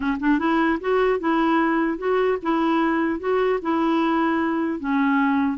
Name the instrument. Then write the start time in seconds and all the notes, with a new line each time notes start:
clarinet
0.00 C#4
0.19 D4
0.38 E4
0.80 F#4
1.19 E4
1.98 F#4
2.42 E4
3.19 F#4
3.61 E4
4.79 C#4